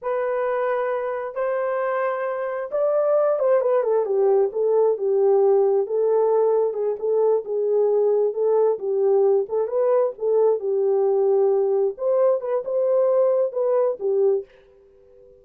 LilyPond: \new Staff \with { instrumentName = "horn" } { \time 4/4 \tempo 4 = 133 b'2. c''4~ | c''2 d''4. c''8 | b'8 a'8 g'4 a'4 g'4~ | g'4 a'2 gis'8 a'8~ |
a'8 gis'2 a'4 g'8~ | g'4 a'8 b'4 a'4 g'8~ | g'2~ g'8 c''4 b'8 | c''2 b'4 g'4 | }